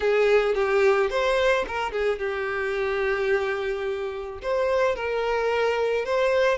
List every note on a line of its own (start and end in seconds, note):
0.00 0.54 G#4
0.55 1.10 G4
1.10 1.65 C5
1.67 1.91 A#4
1.91 2.19 G#4
2.19 4.39 G4
4.42 4.95 C5
4.95 6.05 A#4
6.05 6.57 C5